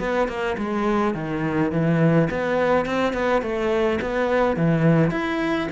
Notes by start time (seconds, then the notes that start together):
0.00 B3
0.28 A#3
0.58 G#3
1.15 D#3
1.72 E3
2.31 B3
2.86 C4
3.14 B3
3.42 A3
4.02 B3
4.57 E3
5.11 E4